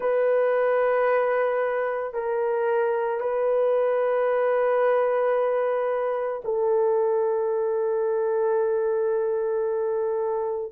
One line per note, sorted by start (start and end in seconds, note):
0.00 2.13 B4
2.13 3.20 A#4
3.20 6.41 B4
6.44 10.72 A4